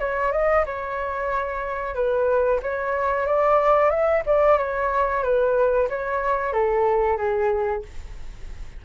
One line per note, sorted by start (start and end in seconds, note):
0.00 0.33 C#5
0.33 0.65 D#5
0.66 1.95 C#5
1.95 2.60 B4
2.63 3.27 C#5
3.27 3.90 D5
3.90 4.23 E5
4.27 4.58 D5
4.58 5.24 C#5
5.24 5.89 B4
5.90 6.53 C#5
6.53 7.17 A4
7.17 7.83 G#4